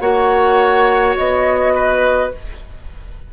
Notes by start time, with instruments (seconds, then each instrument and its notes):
0.00 bassoon A#3, clarinet F#4, oboe C#5, flute F#5
1.16 bassoon B3, flute D#5
1.75 oboe B4